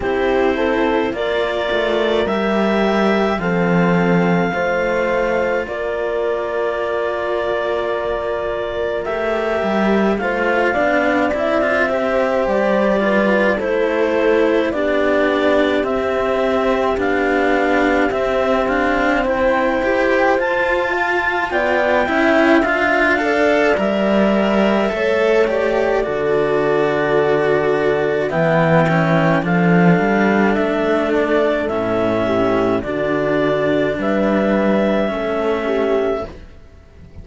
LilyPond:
<<
  \new Staff \with { instrumentName = "clarinet" } { \time 4/4 \tempo 4 = 53 c''4 d''4 e''4 f''4~ | f''4 d''2. | e''4 f''4 e''4 d''4 | c''4 d''4 e''4 f''4 |
e''8 f''8 g''4 a''4 g''4 | f''4 e''4. d''4.~ | d''4 g''4 f''4 e''8 d''8 | e''4 d''4 e''2 | }
  \new Staff \with { instrumentName = "horn" } { \time 4/4 g'8 a'8 ais'2 a'4 | c''4 ais'2.~ | ais'4 c''8 d''4 c''4 b'8 | a'4 g'2.~ |
g'4 c''4. f''8 d''8 e''8~ | e''8 d''4. cis''4 a'4~ | a'4 e''4 a'2~ | a'8 g'8 fis'4 b'4 a'8 g'8 | }
  \new Staff \with { instrumentName = "cello" } { \time 4/4 e'4 f'4 g'4 c'4 | f'1 | g'4 f'8 d'8 e'16 f'16 g'4 f'8 | e'4 d'4 c'4 d'4 |
c'4. g'8 f'4. e'8 | f'8 a'8 ais'4 a'8 g'8 fis'4~ | fis'4 b8 cis'8 d'2 | cis'4 d'2 cis'4 | }
  \new Staff \with { instrumentName = "cello" } { \time 4/4 c'4 ais8 a8 g4 f4 | a4 ais2. | a8 g8 a8 b8 c'4 g4 | a4 b4 c'4 b4 |
c'8 d'8 e'4 f'4 b8 cis'8 | d'4 g4 a4 d4~ | d4 e4 f8 g8 a4 | a,4 d4 g4 a4 | }
>>